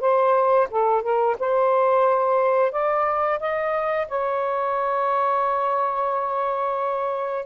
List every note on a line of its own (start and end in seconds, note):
0.00 0.67 C5
0.70 1.02 A4
1.02 1.36 A#4
1.39 2.72 C5
2.72 3.39 D5
3.40 4.07 D#5
4.08 7.45 C#5